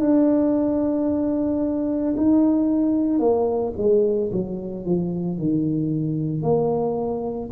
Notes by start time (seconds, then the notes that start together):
0.00 D4
2.16 D#4
3.19 A#3
3.77 G#3
4.32 F#3
4.85 F3
5.38 D#3
6.42 A#3